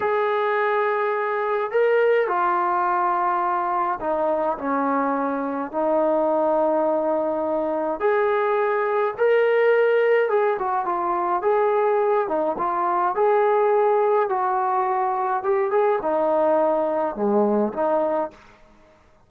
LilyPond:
\new Staff \with { instrumentName = "trombone" } { \time 4/4 \tempo 4 = 105 gis'2. ais'4 | f'2. dis'4 | cis'2 dis'2~ | dis'2 gis'2 |
ais'2 gis'8 fis'8 f'4 | gis'4. dis'8 f'4 gis'4~ | gis'4 fis'2 g'8 gis'8 | dis'2 gis4 dis'4 | }